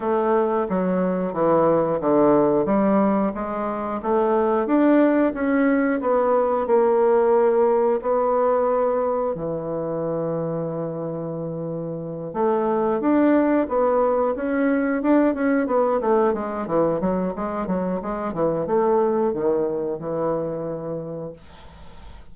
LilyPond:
\new Staff \with { instrumentName = "bassoon" } { \time 4/4 \tempo 4 = 90 a4 fis4 e4 d4 | g4 gis4 a4 d'4 | cis'4 b4 ais2 | b2 e2~ |
e2~ e8 a4 d'8~ | d'8 b4 cis'4 d'8 cis'8 b8 | a8 gis8 e8 fis8 gis8 fis8 gis8 e8 | a4 dis4 e2 | }